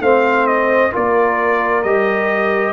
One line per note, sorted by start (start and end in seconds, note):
0.00 0.91 A3
0.00 0.92 C4
0.00 0.92 C5
0.00 0.47 F5
0.47 0.92 D#5
0.92 1.84 A#3
0.92 1.83 F4
0.92 2.73 A#4
0.92 1.83 D5
1.83 2.73 G3
1.83 2.73 G4
1.83 2.73 D#5